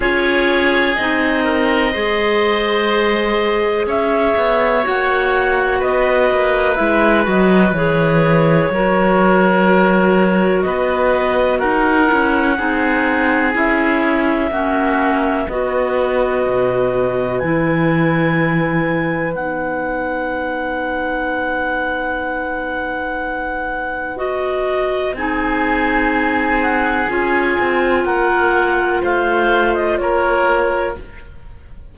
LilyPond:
<<
  \new Staff \with { instrumentName = "clarinet" } { \time 4/4 \tempo 4 = 62 cis''4 dis''2. | e''4 fis''4 dis''4 e''8 dis''8 | cis''2. dis''4 | fis''2 e''2 |
dis''2 gis''2 | fis''1~ | fis''4 dis''4 gis''4. fis''8 | gis''4 fis''4 f''8. dis''16 cis''4 | }
  \new Staff \with { instrumentName = "oboe" } { \time 4/4 gis'4. ais'8 c''2 | cis''2 b'2~ | b'4 ais'2 b'4 | ais'4 gis'2 fis'4 |
b'1~ | b'1~ | b'2 gis'2~ | gis'4 ais'4 c''4 ais'4 | }
  \new Staff \with { instrumentName = "clarinet" } { \time 4/4 f'4 dis'4 gis'2~ | gis'4 fis'2 e'8 fis'8 | gis'4 fis'2.~ | fis'8 e'8 dis'4 e'4 cis'4 |
fis'2 e'2 | dis'1~ | dis'4 fis'4 dis'2 | f'1 | }
  \new Staff \with { instrumentName = "cello" } { \time 4/4 cis'4 c'4 gis2 | cis'8 b8 ais4 b8 ais8 gis8 fis8 | e4 fis2 b4 | dis'8 cis'8 c'4 cis'4 ais4 |
b4 b,4 e2 | b1~ | b2 c'2 | cis'8 c'8 ais4 a4 ais4 | }
>>